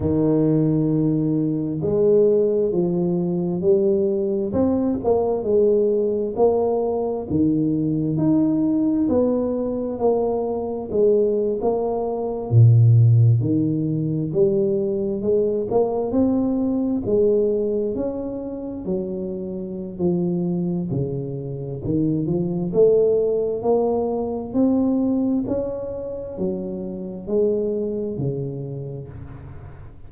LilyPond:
\new Staff \with { instrumentName = "tuba" } { \time 4/4 \tempo 4 = 66 dis2 gis4 f4 | g4 c'8 ais8 gis4 ais4 | dis4 dis'4 b4 ais4 | gis8. ais4 ais,4 dis4 g16~ |
g8. gis8 ais8 c'4 gis4 cis'16~ | cis'8. fis4~ fis16 f4 cis4 | dis8 f8 a4 ais4 c'4 | cis'4 fis4 gis4 cis4 | }